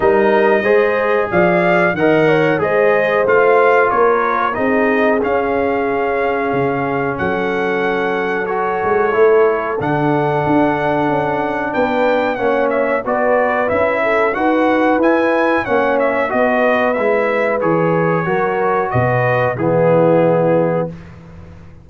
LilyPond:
<<
  \new Staff \with { instrumentName = "trumpet" } { \time 4/4 \tempo 4 = 92 dis''2 f''4 fis''4 | dis''4 f''4 cis''4 dis''4 | f''2. fis''4~ | fis''4 cis''2 fis''4~ |
fis''2 g''4 fis''8 e''8 | d''4 e''4 fis''4 gis''4 | fis''8 e''8 dis''4 e''4 cis''4~ | cis''4 dis''4 gis'2 | }
  \new Staff \with { instrumentName = "horn" } { \time 4/4 ais'4 c''4 d''4 dis''8 cis''8 | c''2 ais'4 gis'4~ | gis'2. a'4~ | a'1~ |
a'2 b'4 cis''4 | b'4. a'8 b'2 | cis''4 b'2. | ais'4 b'4 e'2 | }
  \new Staff \with { instrumentName = "trombone" } { \time 4/4 dis'4 gis'2 ais'4 | gis'4 f'2 dis'4 | cis'1~ | cis'4 fis'4 e'4 d'4~ |
d'2. cis'4 | fis'4 e'4 fis'4 e'4 | cis'4 fis'4 e'4 gis'4 | fis'2 b2 | }
  \new Staff \with { instrumentName = "tuba" } { \time 4/4 g4 gis4 f4 dis4 | gis4 a4 ais4 c'4 | cis'2 cis4 fis4~ | fis4. gis8 a4 d4 |
d'4 cis'4 b4 ais4 | b4 cis'4 dis'4 e'4 | ais4 b4 gis4 e4 | fis4 b,4 e2 | }
>>